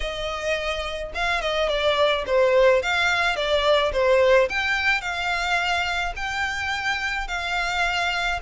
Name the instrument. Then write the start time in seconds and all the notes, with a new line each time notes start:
violin
0.00 D#5
1.14 F5
1.41 D#5
1.68 D5
2.26 C5
2.82 F5
3.35 D5
3.93 C5
4.49 G5
5.01 F5
6.16 G5
7.27 F5